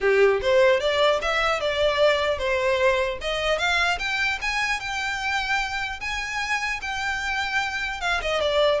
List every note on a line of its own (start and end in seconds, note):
0.00 0.40 G4
0.41 0.80 C5
0.80 1.20 D5
1.21 1.60 E5
1.60 2.38 D5
2.38 3.18 C5
3.21 3.58 D#5
3.58 3.98 F5
3.99 4.39 G5
4.41 4.79 G#5
4.79 5.99 G5
6.00 6.80 G#5
6.81 8.00 G5
8.00 8.20 F5
8.21 8.41 D#5
8.41 8.80 D5